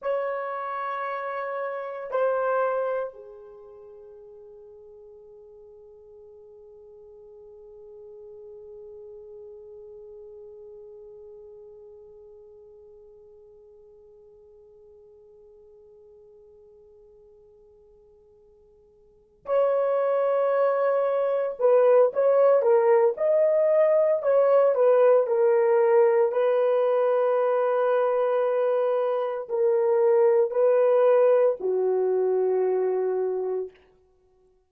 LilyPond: \new Staff \with { instrumentName = "horn" } { \time 4/4 \tempo 4 = 57 cis''2 c''4 gis'4~ | gis'1~ | gis'1~ | gis'1~ |
gis'2~ gis'8 cis''4.~ | cis''8 b'8 cis''8 ais'8 dis''4 cis''8 b'8 | ais'4 b'2. | ais'4 b'4 fis'2 | }